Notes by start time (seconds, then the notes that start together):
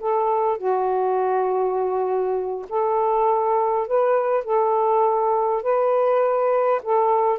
0.00 A4
0.58 F#4
2.69 A4
3.87 B4
4.44 A4
5.63 B4
6.83 A4